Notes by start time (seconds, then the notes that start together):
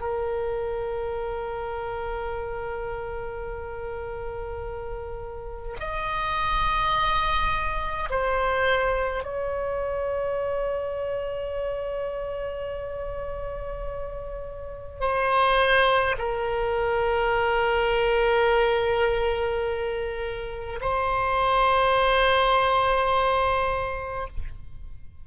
0.00 A#4
5.80 D#5
8.10 C5
9.24 C#5
15.01 C5
16.18 A#4
20.81 C5